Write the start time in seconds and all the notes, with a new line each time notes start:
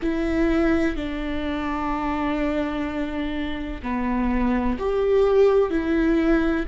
0.02 E4
0.95 D4
3.82 B3
4.78 G4
5.70 E4